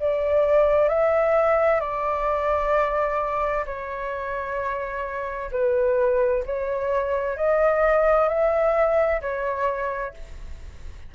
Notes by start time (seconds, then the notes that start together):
0.00 D5
0.89 E5
1.80 D5
3.66 C#5
5.52 B4
6.46 C#5
7.37 D#5
8.29 E5
9.21 C#5